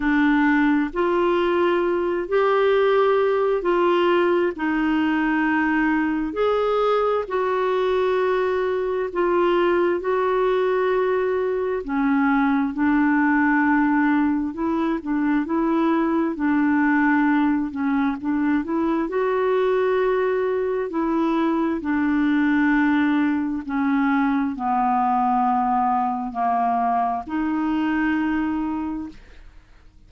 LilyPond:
\new Staff \with { instrumentName = "clarinet" } { \time 4/4 \tempo 4 = 66 d'4 f'4. g'4. | f'4 dis'2 gis'4 | fis'2 f'4 fis'4~ | fis'4 cis'4 d'2 |
e'8 d'8 e'4 d'4. cis'8 | d'8 e'8 fis'2 e'4 | d'2 cis'4 b4~ | b4 ais4 dis'2 | }